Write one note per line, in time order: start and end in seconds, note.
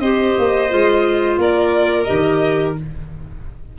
0.00 0.35 C4
0.00 0.70 G4
0.00 1.39 C5
0.00 1.38 D#5
0.39 0.73 A#3
0.70 1.38 G#3
0.70 2.06 F4
1.38 2.07 A#3
1.38 2.78 A#4
1.38 2.04 D5
2.04 2.79 D#3
2.04 2.75 G4
2.04 2.73 D#5